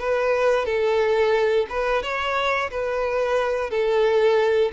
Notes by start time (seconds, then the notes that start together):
0.00 B4
0.66 A4
1.70 B4
2.03 C#5
2.71 B4
3.71 A4